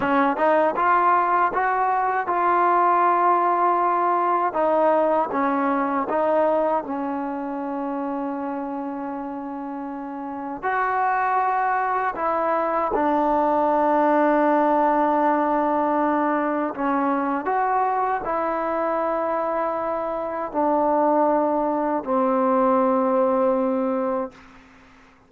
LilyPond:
\new Staff \with { instrumentName = "trombone" } { \time 4/4 \tempo 4 = 79 cis'8 dis'8 f'4 fis'4 f'4~ | f'2 dis'4 cis'4 | dis'4 cis'2.~ | cis'2 fis'2 |
e'4 d'2.~ | d'2 cis'4 fis'4 | e'2. d'4~ | d'4 c'2. | }